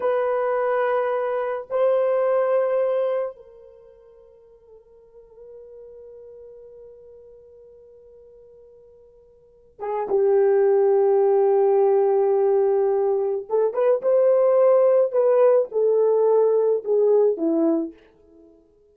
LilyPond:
\new Staff \with { instrumentName = "horn" } { \time 4/4 \tempo 4 = 107 b'2. c''4~ | c''2 ais'2~ | ais'1~ | ais'1~ |
ais'4. gis'8 g'2~ | g'1 | a'8 b'8 c''2 b'4 | a'2 gis'4 e'4 | }